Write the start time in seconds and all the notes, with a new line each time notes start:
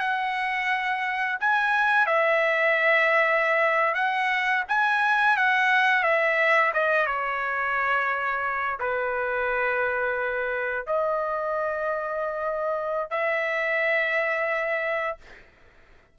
0.00 F#5
1.40 G#5
2.06 E5
3.95 F#5
4.68 G#5
5.37 F#5
6.03 E5
6.74 D#5
7.07 C#5
8.80 B4
10.86 D#5
13.10 E5